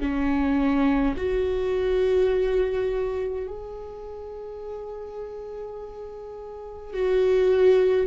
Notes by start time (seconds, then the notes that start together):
0.00 C#4
1.17 F#4
3.47 G#4
6.93 F#4